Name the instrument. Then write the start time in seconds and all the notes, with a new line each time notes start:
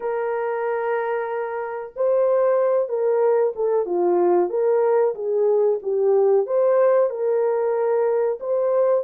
horn
0.00 A#4
1.96 C5
2.88 A#4
3.55 A4
3.85 F4
4.49 A#4
5.14 G#4
5.82 G4
6.46 C5
7.10 A#4
8.40 C5